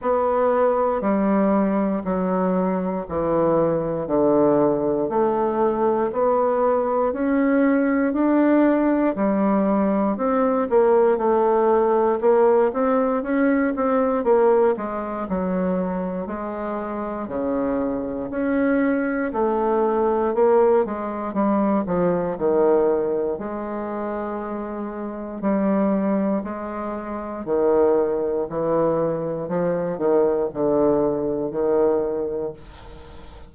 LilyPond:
\new Staff \with { instrumentName = "bassoon" } { \time 4/4 \tempo 4 = 59 b4 g4 fis4 e4 | d4 a4 b4 cis'4 | d'4 g4 c'8 ais8 a4 | ais8 c'8 cis'8 c'8 ais8 gis8 fis4 |
gis4 cis4 cis'4 a4 | ais8 gis8 g8 f8 dis4 gis4~ | gis4 g4 gis4 dis4 | e4 f8 dis8 d4 dis4 | }